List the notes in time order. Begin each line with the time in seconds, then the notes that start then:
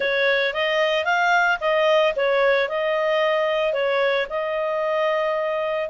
0.00 C#5
0.53 D#5
1.04 F5
1.60 D#5
2.16 C#5
2.69 D#5
3.73 C#5
4.29 D#5